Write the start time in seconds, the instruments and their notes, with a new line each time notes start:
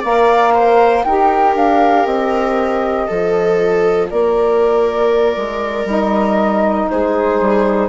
0.00 bassoon A#3, saxophone A#4, viola D5, flute F5
0.54 viola C5
1.04 bassoon D#4, saxophone G4, viola A#4, flute G5
1.55 bassoon D4, flute F5
2.06 bassoon C4, flute D#5
3.08 bassoon F3, saxophone F4, viola A4
4.10 bassoon A#3, viola A#4, flute D5
5.37 bassoon G#3
5.85 bassoon G3, saxophone D#4, flute D#5
6.90 bassoon G#3, viola G#4, flute C5
7.41 bassoon G3